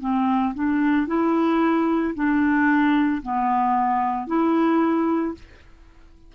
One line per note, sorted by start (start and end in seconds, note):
0.00 0.54 C4
0.54 1.07 D4
1.07 2.14 E4
2.14 3.21 D4
3.22 4.27 B3
4.27 5.34 E4